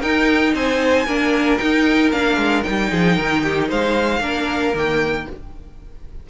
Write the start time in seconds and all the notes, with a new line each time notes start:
0.00 D#4 A#4 G5
0.55 C4 C5 G#5
1.06 A#3 D4 A#4
1.58 D#4 G5
2.12 A#3 D4 F5
2.37 G#3
2.63 G3 D#4 G5
2.91 F3 G#4
3.16 D#3 A#4
3.44 G4
3.69 G#3 C5 F5
4.20 A#3 D4 A#4
4.74 D#3 A#3 G5